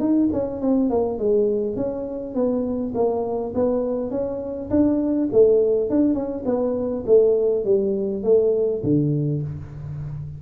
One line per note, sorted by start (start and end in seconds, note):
0.00 0.29 D#4
0.33 0.61 C#4
0.61 0.90 C4
0.90 1.19 A#3
1.19 1.76 G#3
1.76 2.35 C#4
2.35 2.94 B3
2.95 3.54 A#3
3.55 4.11 B3
4.11 4.70 C#4
4.70 5.29 D4
5.33 5.90 A3
5.90 6.14 D4
6.14 6.44 C#4
6.45 7.04 B3
7.07 7.65 A3
7.65 8.24 G3
8.24 8.83 A3
8.84 9.43 D3